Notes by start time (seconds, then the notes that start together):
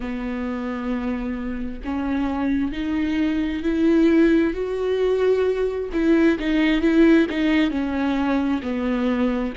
0.00 B3
1.84 C#4
2.72 D#4
3.63 E4
4.53 F#4
5.92 E4
6.39 D#4
6.81 E4
7.29 D#4
7.70 C#4
8.62 B3